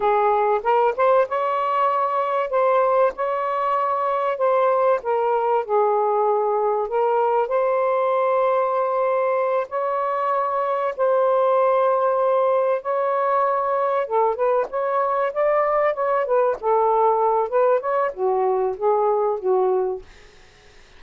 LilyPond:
\new Staff \with { instrumentName = "saxophone" } { \time 4/4 \tempo 4 = 96 gis'4 ais'8 c''8 cis''2 | c''4 cis''2 c''4 | ais'4 gis'2 ais'4 | c''2.~ c''8 cis''8~ |
cis''4. c''2~ c''8~ | c''8 cis''2 a'8 b'8 cis''8~ | cis''8 d''4 cis''8 b'8 a'4. | b'8 cis''8 fis'4 gis'4 fis'4 | }